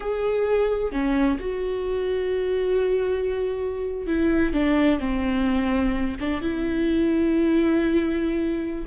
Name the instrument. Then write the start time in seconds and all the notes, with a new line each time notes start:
viola
0.00 G#4
0.92 C#4
1.40 F#4
4.06 E4
4.53 D4
4.99 C4
6.20 D4
6.41 E4